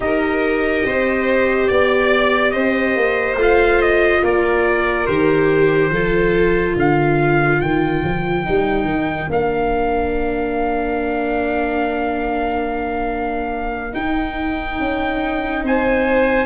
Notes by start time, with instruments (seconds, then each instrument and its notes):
0.00 tuba D#4, viola G4, violin A#4, trumpet D#5
0.84 tuba C4, violin C5
1.67 tuba B3, trumpet D5, violin D5
2.50 tuba C4, violin C5, trumpet D#5
2.96 tuba A#3
3.35 tuba A3, viola F4
3.42 trumpet F5
3.81 trumpet D#5
4.21 tuba A#3, violin A#4, trumpet D5
5.06 tuba D#3, viola G4, trumpet C5
5.90 tuba F3, viola F4, violin A4
6.74 tuba D3, violin A#4, trumpet F5
7.60 tuba D#3, trumpet G5
8.03 tuba F3
8.44 tuba G3, viola D#4
8.84 tuba D#3
9.29 tuba A#3, viola D4, trumpet F5
13.91 viola D#4, tuba D#4, trumpet G5
14.79 tuba C#4
15.63 tuba C4, violin C5, trumpet G#5